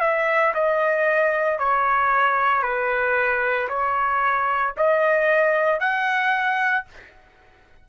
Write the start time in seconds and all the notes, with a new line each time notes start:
0.00 E5
0.54 D#5
1.58 C#5
2.63 B4
3.68 C#5
4.77 D#5
5.80 F#5